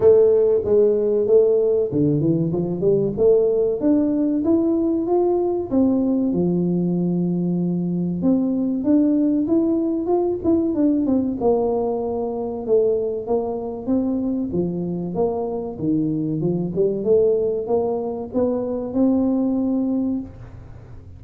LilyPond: \new Staff \with { instrumentName = "tuba" } { \time 4/4 \tempo 4 = 95 a4 gis4 a4 d8 e8 | f8 g8 a4 d'4 e'4 | f'4 c'4 f2~ | f4 c'4 d'4 e'4 |
f'8 e'8 d'8 c'8 ais2 | a4 ais4 c'4 f4 | ais4 dis4 f8 g8 a4 | ais4 b4 c'2 | }